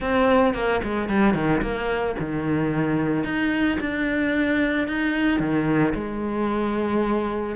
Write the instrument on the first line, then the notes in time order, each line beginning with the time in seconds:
cello
0.00 C4
0.54 A#3
0.83 G#3
1.08 G3
1.34 D#3
1.61 A#3
2.19 D#3
3.23 D#4
3.80 D4
4.87 D#4
5.39 D#3
5.94 G#3